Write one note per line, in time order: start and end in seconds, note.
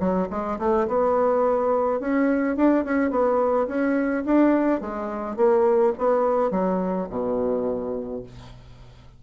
0.00 0.28 F#3
0.30 0.59 G#3
0.59 0.87 A3
0.88 2.00 B3
2.00 2.57 C#4
2.57 2.85 D4
2.85 3.11 C#4
3.11 3.67 B3
3.68 4.25 C#4
4.26 4.81 D4
4.81 5.37 G#3
5.37 5.94 A#3
5.98 6.51 B3
6.51 7.08 F#3
7.10 8.23 B2